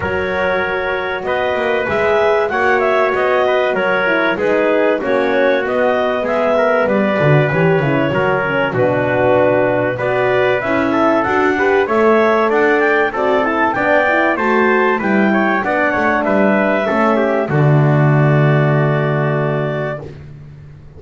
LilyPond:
<<
  \new Staff \with { instrumentName = "clarinet" } { \time 4/4 \tempo 4 = 96 cis''2 dis''4 e''4 | fis''8 e''8 dis''4 cis''4 b'4 | cis''4 dis''4 e''4 d''4 | cis''2 b'2 |
d''4 e''4 fis''4 e''4 | fis''8 g''8 d''8 a''8 g''4 a''4 | g''4 fis''4 e''2 | d''1 | }
  \new Staff \with { instrumentName = "trumpet" } { \time 4/4 ais'2 b'2 | cis''4. b'8 ais'4 gis'4 | fis'2 gis'8 ais'8 b'4~ | b'4 ais'4 fis'2 |
b'4. a'4 b'8 cis''4 | d''4 a'4 d''4 c''4 | b'8 cis''8 d''8 cis''8 b'4 a'8 g'8 | fis'1 | }
  \new Staff \with { instrumentName = "horn" } { \time 4/4 fis'2. gis'4 | fis'2~ fis'8 e'8 dis'4 | cis'4 b2~ b8 fis'8 | g'8 e'8 fis'8 cis'8 d'2 |
fis'4 e'4 fis'8 g'8 a'4~ | a'4 fis'8 e'8 d'8 e'8 fis'4 | e'4 d'2 cis'4 | a1 | }
  \new Staff \with { instrumentName = "double bass" } { \time 4/4 fis2 b8 ais8 gis4 | ais4 b4 fis4 gis4 | ais4 b4 gis4 g8 d8 | e8 cis8 fis4 b,2 |
b4 cis'4 d'4 a4 | d'4 c'4 b4 a4 | g4 b8 a8 g4 a4 | d1 | }
>>